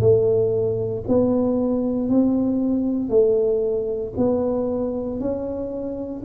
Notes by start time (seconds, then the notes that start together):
0.00 A3
1.08 B3
2.08 C4
3.09 A3
4.17 B3
5.20 C#4